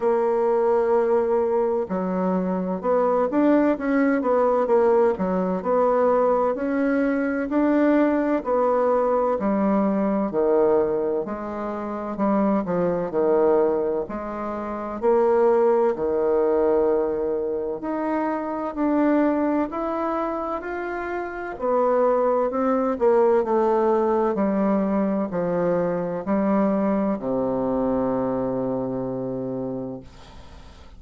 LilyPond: \new Staff \with { instrumentName = "bassoon" } { \time 4/4 \tempo 4 = 64 ais2 fis4 b8 d'8 | cis'8 b8 ais8 fis8 b4 cis'4 | d'4 b4 g4 dis4 | gis4 g8 f8 dis4 gis4 |
ais4 dis2 dis'4 | d'4 e'4 f'4 b4 | c'8 ais8 a4 g4 f4 | g4 c2. | }